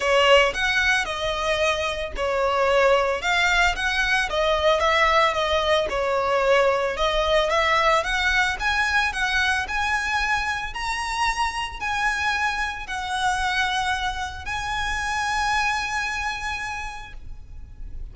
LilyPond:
\new Staff \with { instrumentName = "violin" } { \time 4/4 \tempo 4 = 112 cis''4 fis''4 dis''2 | cis''2 f''4 fis''4 | dis''4 e''4 dis''4 cis''4~ | cis''4 dis''4 e''4 fis''4 |
gis''4 fis''4 gis''2 | ais''2 gis''2 | fis''2. gis''4~ | gis''1 | }